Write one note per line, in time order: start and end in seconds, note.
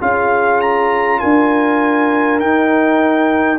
0.00 1.21 C#4
0.00 2.40 F4
0.00 1.20 G#4
0.00 0.60 F5
0.60 1.19 A#5
1.19 2.40 D4
1.19 3.58 A#4
1.19 2.39 G#5
2.40 3.58 D#4
2.40 3.58 G5